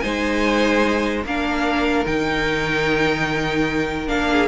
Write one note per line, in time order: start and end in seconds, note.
0.00 1.25 G#3
0.00 1.25 D#4
0.00 1.25 C5
0.00 1.22 G#5
1.25 2.06 A#3
1.25 2.06 D4
1.25 4.31 A#4
1.25 2.06 F5
2.06 4.09 D#3
2.06 4.07 D#4
2.06 4.08 G5
4.07 4.49 A#3
4.07 4.48 D4
4.07 4.49 F5
4.32 4.49 G#4